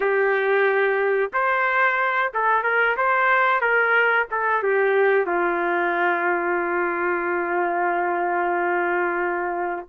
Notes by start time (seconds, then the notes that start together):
0.00 G4
1.33 C5
2.33 A4
2.63 A#4
2.96 C5
3.61 A#4
4.30 A4
4.62 G4
5.26 F4